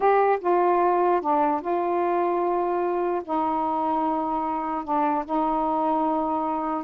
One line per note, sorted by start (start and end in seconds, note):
0.00 0.38 G4
0.40 1.21 F4
1.21 1.61 D4
1.61 3.22 F4
3.24 4.84 D#4
4.84 5.24 D4
5.25 6.84 D#4